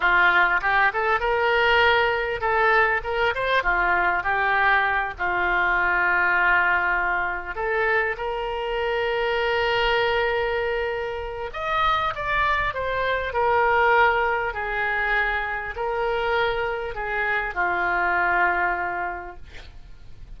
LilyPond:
\new Staff \with { instrumentName = "oboe" } { \time 4/4 \tempo 4 = 99 f'4 g'8 a'8 ais'2 | a'4 ais'8 c''8 f'4 g'4~ | g'8 f'2.~ f'8~ | f'8 a'4 ais'2~ ais'8~ |
ais'2. dis''4 | d''4 c''4 ais'2 | gis'2 ais'2 | gis'4 f'2. | }